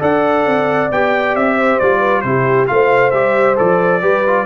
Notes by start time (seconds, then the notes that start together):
0.00 D4 A4 D5 F#5
0.46 C4
0.91 B3 G4 G5
1.35 C4 E5
1.57 C5
1.79 G3 F4 D5
1.99 B4
2.21 C3 E4 C5
2.28 G4
2.67 A3 F4 C5 F5
3.11 G3 G4 E5
3.56 F3 A4 D5
4.02 G3 G4 B4
4.27 F4